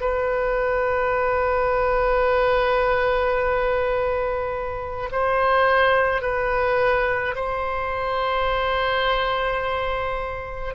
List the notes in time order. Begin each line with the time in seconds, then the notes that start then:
0.00 B4
5.11 C5
6.22 B4
7.35 C5